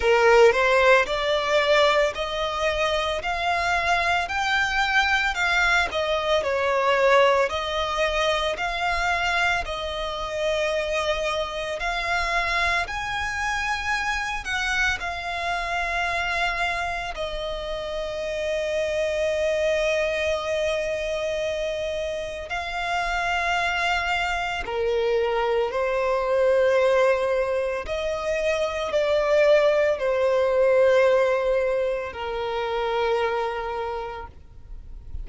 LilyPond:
\new Staff \with { instrumentName = "violin" } { \time 4/4 \tempo 4 = 56 ais'8 c''8 d''4 dis''4 f''4 | g''4 f''8 dis''8 cis''4 dis''4 | f''4 dis''2 f''4 | gis''4. fis''8 f''2 |
dis''1~ | dis''4 f''2 ais'4 | c''2 dis''4 d''4 | c''2 ais'2 | }